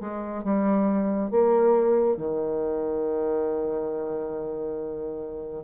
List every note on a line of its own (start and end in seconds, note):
0.00 0.43 G#3
0.43 1.30 G3
1.30 2.17 A#3
2.17 5.63 D#3